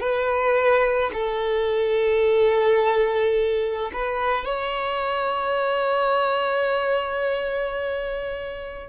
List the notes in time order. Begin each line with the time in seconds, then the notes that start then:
0.00 B4
1.14 A4
3.93 B4
4.45 C#5